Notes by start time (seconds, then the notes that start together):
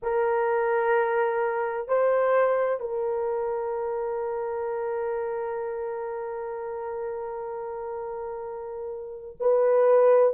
0.02 A#4
1.87 C5
2.80 A#4
9.40 B4